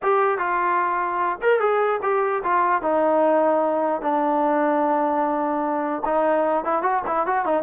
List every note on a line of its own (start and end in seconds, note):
0.02 0.38 G4
0.38 1.38 F4
1.41 1.60 A#4
1.60 2.00 G#4
2.02 2.42 G4
2.43 2.82 F4
2.82 4.01 D#4
4.01 6.03 D4
6.05 6.64 D#4
6.64 6.82 E4
6.82 7.02 F#4
7.06 7.26 E4
7.26 7.45 F#4
7.45 7.62 D#4